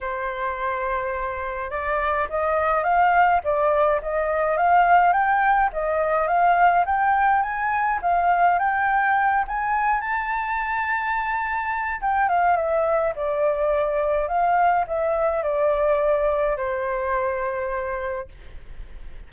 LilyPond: \new Staff \with { instrumentName = "flute" } { \time 4/4 \tempo 4 = 105 c''2. d''4 | dis''4 f''4 d''4 dis''4 | f''4 g''4 dis''4 f''4 | g''4 gis''4 f''4 g''4~ |
g''8 gis''4 a''2~ a''8~ | a''4 g''8 f''8 e''4 d''4~ | d''4 f''4 e''4 d''4~ | d''4 c''2. | }